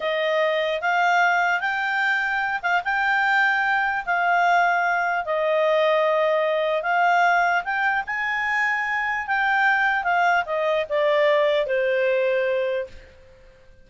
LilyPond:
\new Staff \with { instrumentName = "clarinet" } { \time 4/4 \tempo 4 = 149 dis''2 f''2 | g''2~ g''8 f''8 g''4~ | g''2 f''2~ | f''4 dis''2.~ |
dis''4 f''2 g''4 | gis''2. g''4~ | g''4 f''4 dis''4 d''4~ | d''4 c''2. | }